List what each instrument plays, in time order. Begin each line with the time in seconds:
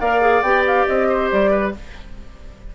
0.00 bassoon A#3, clarinet A#4, oboe D5, flute F5
0.21 clarinet G#4
0.42 bassoon B3, clarinet G4, flute G5
0.67 flute F5
0.87 bassoon C4, flute D#5
1.09 oboe C5
1.31 bassoon G3, flute D5
1.51 oboe B4